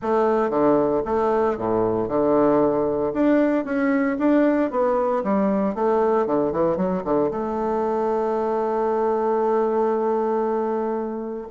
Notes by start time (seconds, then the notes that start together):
0.01 A3
0.50 D3
1.05 A3
1.57 A2
2.08 D3
3.13 D4
3.65 C#4
4.19 D4
4.71 B3
5.23 G3
5.74 A3
6.26 D3
6.52 E3
6.76 F#3
7.04 D3
7.30 A3